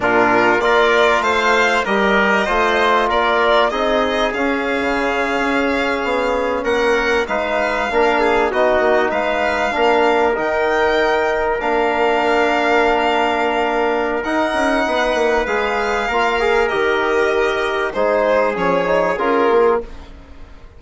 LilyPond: <<
  \new Staff \with { instrumentName = "violin" } { \time 4/4 \tempo 4 = 97 ais'4 d''4 f''4 dis''4~ | dis''4 d''4 dis''4 f''4~ | f''2~ f''8. fis''4 f''16~ | f''4.~ f''16 dis''4 f''4~ f''16~ |
f''8. g''2 f''4~ f''16~ | f''2. fis''4~ | fis''4 f''2 dis''4~ | dis''4 c''4 cis''4 ais'4 | }
  \new Staff \with { instrumentName = "trumpet" } { \time 4/4 f'4 ais'4 c''4 ais'4 | c''4 ais'4 gis'2~ | gis'2~ gis'8. ais'4 b'16~ | b'8. ais'8 gis'8 fis'4 b'4 ais'16~ |
ais'1~ | ais'1 | b'2 ais'2~ | ais'4 gis'2. | }
  \new Staff \with { instrumentName = "trombone" } { \time 4/4 d'4 f'2 g'4 | f'2 dis'4 cis'4~ | cis'2.~ cis'8. dis'16~ | dis'8. d'4 dis'2 d'16~ |
d'8. dis'2 d'4~ d'16~ | d'2. dis'4~ | dis'4 gis'4 f'8 gis'8 g'4~ | g'4 dis'4 cis'8 dis'8 f'4 | }
  \new Staff \with { instrumentName = "bassoon" } { \time 4/4 ais,4 ais4 a4 g4 | a4 ais4 c'4 cis'8. cis16~ | cis8. cis'4 b4 ais4 gis16~ | gis8. ais4 b8 ais8 gis4 ais16~ |
ais8. dis2 ais4~ ais16~ | ais2. dis'8 cis'8 | b8 ais8 gis4 ais4 dis4~ | dis4 gis4 f4 cis'8 ais8 | }
>>